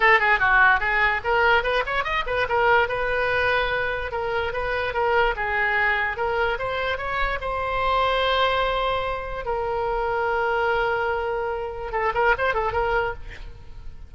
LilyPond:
\new Staff \with { instrumentName = "oboe" } { \time 4/4 \tempo 4 = 146 a'8 gis'8 fis'4 gis'4 ais'4 | b'8 cis''8 dis''8 b'8 ais'4 b'4~ | b'2 ais'4 b'4 | ais'4 gis'2 ais'4 |
c''4 cis''4 c''2~ | c''2. ais'4~ | ais'1~ | ais'4 a'8 ais'8 c''8 a'8 ais'4 | }